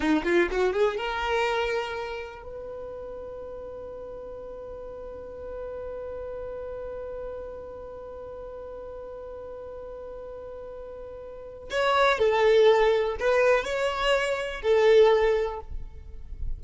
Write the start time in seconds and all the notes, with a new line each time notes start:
0.00 D#4
0.24 F4
0.51 F#4
0.72 G#4
0.96 A#4
2.43 B4
11.70 C#5
12.19 A4
13.19 B4
13.64 C#5
14.62 A4